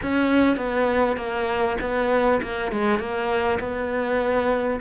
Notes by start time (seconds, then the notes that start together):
0.02 C#4
0.56 B3
1.16 A#3
1.80 B3
2.42 A#3
2.71 G#3
2.99 A#3
3.59 B3